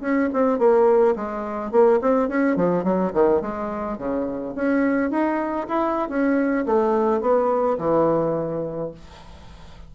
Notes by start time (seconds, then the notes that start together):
0.00 C#4
0.32 C4
0.58 A#3
1.16 G#3
1.71 A#3
2.01 C4
2.28 C#4
2.56 F3
2.83 F#3
3.13 D#3
3.41 G#3
3.97 C#3
4.55 C#4
5.10 D#4
5.68 E4
6.08 C#4
6.66 A3
7.20 B3
7.78 E3